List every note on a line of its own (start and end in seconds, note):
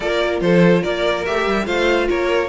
0.00 0.40 A#3
0.00 1.25 F4
0.00 0.40 A#4
0.00 0.40 D5
0.40 0.82 F3
0.40 0.81 A4
0.40 0.83 C5
0.81 1.26 A#3
0.81 1.65 A#4
0.81 1.24 D5
1.25 1.46 A3
1.25 1.65 G4
1.25 1.66 E5
1.46 1.66 G3
1.65 2.08 A3
1.65 2.48 F4
1.65 2.07 C5
1.65 2.08 F5
2.08 2.48 A#3
2.08 2.48 A#4
2.08 2.48 C#5